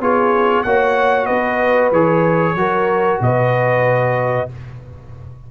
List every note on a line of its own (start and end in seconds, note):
0.00 0.64 B3
0.00 0.65 F4
0.00 0.65 G#4
0.00 0.63 C#5
0.63 1.28 A#3
0.63 1.93 F#4
0.63 1.26 C#5
0.63 1.26 F#5
1.26 1.91 B3
1.26 2.54 B4
1.26 1.89 D#5
1.91 2.55 E3
1.91 2.57 G#4
1.91 3.21 C#5
2.55 3.18 F#3
2.55 4.49 F#4
2.55 3.22 A#4
3.20 4.48 B2
3.20 4.51 B4
3.20 4.50 D#5